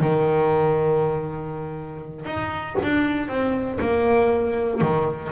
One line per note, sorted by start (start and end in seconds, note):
0.00 2.25 D#3
2.25 2.75 D#4
2.82 3.28 D4
3.28 3.78 C4
3.80 4.81 A#3
4.81 5.31 D#3